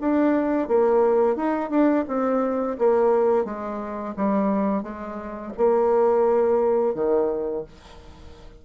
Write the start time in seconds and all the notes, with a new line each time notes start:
0.00 D4
0.68 A#3
1.35 D#4
1.70 D4
2.07 C4
2.78 A#3
3.44 G#3
4.16 G3
4.82 G#3
5.57 A#3
6.94 D#3